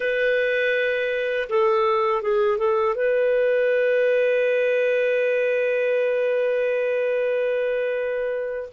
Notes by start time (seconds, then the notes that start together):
0.00 B4
1.48 A4
2.22 G#4
2.58 A4
2.95 B4